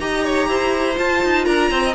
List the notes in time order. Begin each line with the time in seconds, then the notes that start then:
0.00 D#4 G4 D#5 A#5
0.24 C#5
0.48 E4 C5
0.95 F4 A5
1.24 D#4
1.45 D4 A#4 A#5
1.71 C4 C5
1.84 D#5